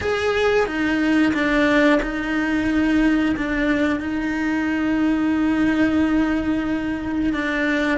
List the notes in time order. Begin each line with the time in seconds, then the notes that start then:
0.00 G#4
0.66 D#4
1.33 D4
2.02 D#4
3.36 D4
4.00 D#4
7.33 D4